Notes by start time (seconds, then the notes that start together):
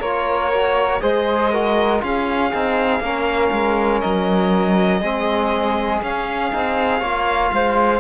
0.00 A#3 F4 A#4 C#5
0.53 F#4
1.00 G#3 G#4 C5 D#5
1.52 F#4 A#4
2.00 C#4 F4 G#4 F5
2.54 C4 D#4
3.00 A#3 C#4 A#4
3.51 G#3
4.00 F#3 D#5
5.00 G#3 C4 G#4
6.02 C#4 F5
6.51 C4 D#4
7.00 A#3 F4 C#5
7.52 G#3 C5